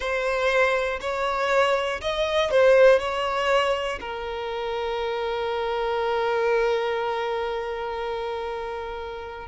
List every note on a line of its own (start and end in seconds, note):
0.00 0.99 C5
1.00 2.00 C#5
2.01 2.50 D#5
2.50 2.99 C5
2.99 3.99 C#5
4.00 9.47 A#4